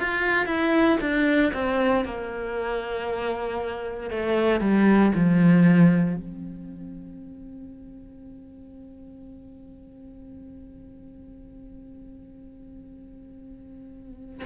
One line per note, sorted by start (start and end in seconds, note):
0.00 0.47 F4
0.47 0.98 E4
1.01 1.53 D4
1.54 2.05 C4
2.05 4.11 A#3
4.11 4.61 A3
4.61 5.13 G3
5.16 6.16 F3
6.16 14.44 C4